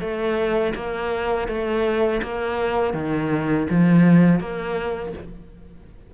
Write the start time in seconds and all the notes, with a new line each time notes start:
0.00 A3
0.75 A#3
1.48 A3
2.22 A#3
2.93 D#3
3.70 F3
4.40 A#3